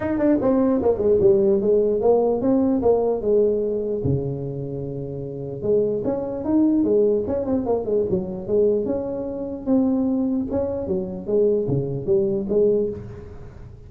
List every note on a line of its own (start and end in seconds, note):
0.00 0.18 D#4
0.18 0.38 D4
0.41 0.81 C4
0.82 0.98 A#3
0.98 1.18 G#3
1.20 1.61 G3
1.61 2.01 G#3
2.01 2.41 A#3
2.41 2.81 C4
2.82 3.21 A#3
3.21 4.01 G#3
4.03 5.62 C#3
5.62 6.02 G#3
6.04 6.44 C#4
6.44 6.83 D#4
6.83 7.24 G#3
7.27 7.45 C#4
7.45 7.65 C4
7.66 7.85 A#3
7.85 8.05 G#3
8.10 8.47 F#3
8.47 8.85 G#3
8.85 9.66 C#4
9.66 10.46 C4
10.51 10.87 C#4
10.87 11.26 F#3
11.26 11.66 G#3
11.68 12.06 C#3
12.06 12.46 G3
12.49 12.89 G#3